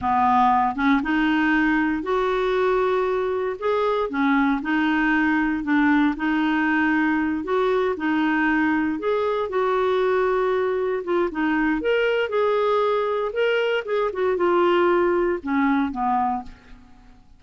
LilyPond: \new Staff \with { instrumentName = "clarinet" } { \time 4/4 \tempo 4 = 117 b4. cis'8 dis'2 | fis'2. gis'4 | cis'4 dis'2 d'4 | dis'2~ dis'8 fis'4 dis'8~ |
dis'4. gis'4 fis'4.~ | fis'4. f'8 dis'4 ais'4 | gis'2 ais'4 gis'8 fis'8 | f'2 cis'4 b4 | }